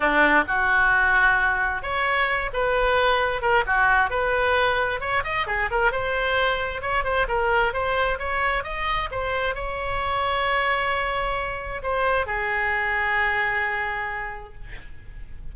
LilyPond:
\new Staff \with { instrumentName = "oboe" } { \time 4/4 \tempo 4 = 132 d'4 fis'2. | cis''4. b'2 ais'8 | fis'4 b'2 cis''8 dis''8 | gis'8 ais'8 c''2 cis''8 c''8 |
ais'4 c''4 cis''4 dis''4 | c''4 cis''2.~ | cis''2 c''4 gis'4~ | gis'1 | }